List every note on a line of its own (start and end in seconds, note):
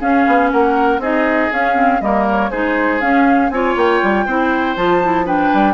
0.00 1.00 C#4
0.00 0.26 C#4
0.00 0.50 G#4
0.00 0.51 F5
0.27 0.52 B3
0.51 0.98 A#3
0.51 1.01 A#4
0.51 1.01 F#5
0.98 1.48 C4
0.98 1.52 D#4
0.98 2.01 G#4
0.98 1.52 D#5
1.52 1.74 C#4
1.52 2.01 C#4
1.52 2.01 F5
1.74 1.99 C4
2.01 2.51 G3
2.01 2.51 A#3
2.01 2.50 A#4
2.01 2.26 D#5
2.31 2.51 C#5
2.50 3.01 G#3
2.50 3.01 D#4
2.50 3.50 G#4
2.50 3.01 C5
3.01 3.50 C#4
3.01 3.51 C#4
3.01 3.50 F5
3.50 3.75 C4
3.50 4.28 F4
3.50 4.26 C#5
3.50 3.75 G#5
3.76 4.01 A#3
3.76 4.76 G5
4.03 4.26 G3
4.26 4.76 C4
4.26 4.76 E4
4.26 5.26 C5
4.76 5.51 F3
4.76 5.01 F4
4.76 5.26 A5
5.03 5.25 E4
5.25 5.74 D4
5.25 5.74 B4
5.25 5.74 G5
5.53 5.74 G3